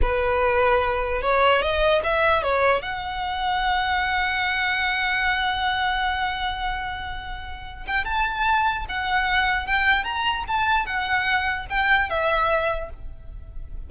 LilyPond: \new Staff \with { instrumentName = "violin" } { \time 4/4 \tempo 4 = 149 b'2. cis''4 | dis''4 e''4 cis''4 fis''4~ | fis''1~ | fis''1~ |
fis''2.~ fis''8 g''8 | a''2 fis''2 | g''4 ais''4 a''4 fis''4~ | fis''4 g''4 e''2 | }